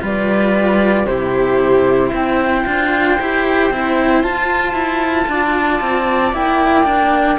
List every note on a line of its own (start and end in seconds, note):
0.00 1.07 G3
0.00 1.05 F4
0.00 1.08 B4
0.00 1.07 D5
1.07 2.12 C3
1.07 2.66 E4
1.07 2.09 G4
1.07 2.12 C5
2.09 2.66 C4
2.09 5.25 C5
2.09 4.23 G5
2.66 3.20 D4
2.66 3.18 F4
3.20 3.71 E4
3.20 3.73 G4
3.71 4.24 C4
3.71 4.24 E4
4.23 4.73 F4
4.23 6.34 F4
4.23 6.33 A5
4.73 5.26 E4
5.28 5.81 D4
5.28 7.39 D5
5.82 6.33 C4
6.33 7.38 A#3
6.33 6.85 E4
6.33 7.39 G5
6.85 7.38 D4